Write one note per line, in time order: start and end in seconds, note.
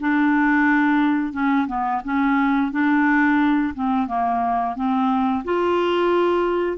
0.00 1.33 D4
1.33 1.67 C#4
1.67 2.01 B3
2.04 2.71 C#4
2.71 3.74 D4
3.75 4.07 C4
4.07 4.75 A#3
4.75 5.44 C4
5.45 6.77 F4